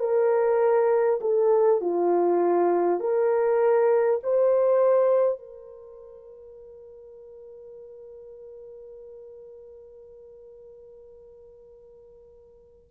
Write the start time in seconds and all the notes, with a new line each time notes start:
0.00 A#4
1.21 A4
1.81 F4
3.01 A#4
4.23 C5
5.38 A#4